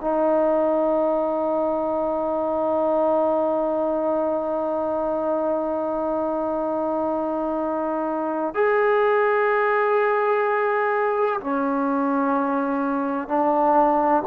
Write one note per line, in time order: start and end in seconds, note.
0.00 8.54 D#4
8.54 11.40 G#4
11.40 13.28 C#4
13.28 14.23 D4